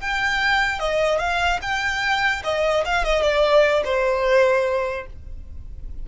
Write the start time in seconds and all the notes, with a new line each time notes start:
0.00 G5
0.79 D#5
1.19 F5
1.62 G5
2.44 D#5
2.85 F5
3.04 D#5
3.22 D5
3.84 C5